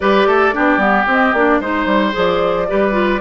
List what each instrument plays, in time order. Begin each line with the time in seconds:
0.00 bassoon G3, clarinet G4, oboe B4, flute D5
0.26 bassoon A3, oboe A4
0.53 bassoon B3, clarinet D4, oboe G4
0.77 bassoon G3, clarinet B3
1.06 bassoon C4, clarinet C4, flute D#5
1.33 bassoon A#3, clarinet D4, flute D5
1.60 bassoon G#3, clarinet D#4, oboe C5, flute C5
1.85 bassoon G3
2.12 bassoon F3, clarinet G#4, flute D5
2.67 bassoon G3, clarinet G4, oboe B4
2.91 clarinet F4